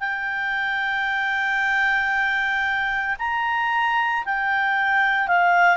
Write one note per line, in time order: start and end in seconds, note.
0.00 3.16 G5
3.19 4.24 A#5
4.25 5.28 G5
5.28 5.77 F5